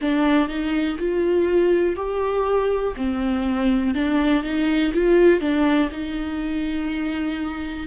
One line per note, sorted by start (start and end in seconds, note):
0.01 0.48 D4
0.48 0.97 D#4
0.98 1.95 F4
1.95 2.94 G4
2.96 3.94 C4
3.94 4.43 D4
4.43 4.92 D#4
4.93 5.40 F4
5.40 5.89 D4
5.92 7.86 D#4